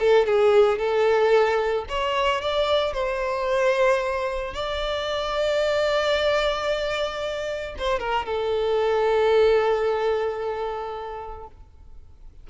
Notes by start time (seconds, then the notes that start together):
0.00 A4
0.26 G#4
0.79 A4
1.89 C#5
2.42 D5
2.93 C5
4.54 D5
7.79 C5
8.00 A#4
8.26 A4